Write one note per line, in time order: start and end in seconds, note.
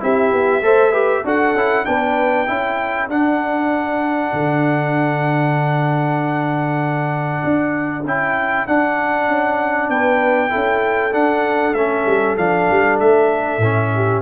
0.00 0.32 C4
0.00 0.62 E4
0.00 0.64 G4
0.00 1.26 E5
0.32 0.61 B3
0.61 1.23 A3
0.61 0.93 A4
0.61 0.91 C5
0.91 1.24 G4
0.91 1.22 B4
1.24 1.54 D4
1.24 1.55 F#4
1.24 1.87 A4
1.24 1.85 F#5
1.54 1.85 C#4
1.54 1.85 E4
1.85 2.48 B3
1.85 2.47 D4
1.85 2.48 B4
1.85 3.09 G5
2.47 3.09 C#4
2.47 3.08 E4
2.47 9.91 A4
3.09 4.32 D4
3.09 8.04 D4
3.09 8.05 F#5
4.33 7.42 D3
7.44 8.05 D4
8.05 8.66 C#4
8.05 8.67 E4
8.05 8.67 G5
8.67 10.49 D4
8.67 9.28 D4
8.67 9.90 F#5
9.28 9.89 C#4
9.89 10.51 B3
9.89 10.51 B4
9.89 11.13 G5
10.49 11.13 C#4
10.49 11.11 E4
10.49 13.91 A4
11.12 11.74 D4
11.12 11.73 D4
11.12 11.74 F#5
11.73 12.04 A3
11.73 12.37 C#4
11.73 12.36 E5
12.06 12.37 G3
12.37 12.69 F3
12.37 13.61 D4
12.37 12.99 F5
12.70 12.99 G3
12.99 13.58 A3
12.99 14.22 E5
13.58 14.20 A2
13.58 14.22 C#4
13.95 14.22 G4